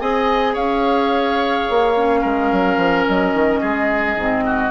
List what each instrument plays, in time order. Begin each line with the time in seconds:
0.00 bassoon C4, clarinet G#4, oboe D#5, flute G#5
0.54 bassoon C#4, oboe C#5, flute F5
1.70 bassoon A#3
1.96 clarinet C#4
2.21 bassoon G#3, oboe A#4
2.52 bassoon F#3
2.78 bassoon F3
3.08 bassoon F#3, flute D#5
3.34 bassoon D#3
3.61 bassoon G#3, oboe G#4
4.16 bassoon G#2, clarinet C4
4.46 oboe F#4